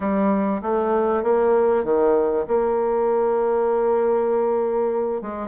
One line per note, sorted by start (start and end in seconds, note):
0.00 0.61 G3
0.62 1.23 A3
1.23 1.84 A#3
1.84 2.45 D#3
2.47 5.21 A#3
5.21 5.48 G#3